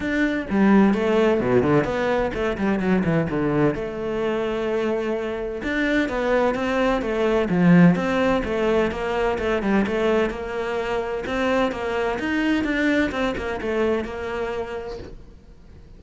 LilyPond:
\new Staff \with { instrumentName = "cello" } { \time 4/4 \tempo 4 = 128 d'4 g4 a4 b,8 d8 | b4 a8 g8 fis8 e8 d4 | a1 | d'4 b4 c'4 a4 |
f4 c'4 a4 ais4 | a8 g8 a4 ais2 | c'4 ais4 dis'4 d'4 | c'8 ais8 a4 ais2 | }